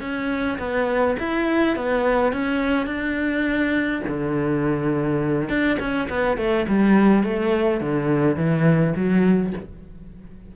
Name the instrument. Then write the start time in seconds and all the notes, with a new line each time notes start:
cello
0.00 C#4
0.58 B3
1.19 E4
1.76 B3
2.32 C#4
2.86 D4
4.07 D3
5.49 D4
5.79 C#4
6.09 B3
6.37 A3
6.68 G3
7.23 A3
7.80 D3
8.36 E3
8.96 F#3